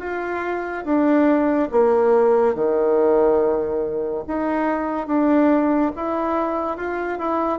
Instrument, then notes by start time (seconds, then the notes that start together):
bassoon
0.00 F4
0.85 D4
1.72 A#3
2.55 D#3
4.28 D#4
5.07 D4
5.96 E4
6.77 F4
7.19 E4